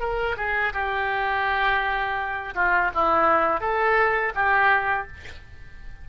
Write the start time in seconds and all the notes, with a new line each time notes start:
0.00 A#4
0.37 G#4
0.73 G4
2.55 F4
2.94 E4
3.60 A4
4.35 G4